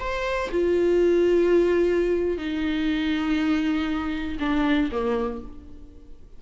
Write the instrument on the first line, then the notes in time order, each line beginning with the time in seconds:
viola
0.00 C5
0.52 F4
2.38 D#4
4.40 D4
4.92 A#3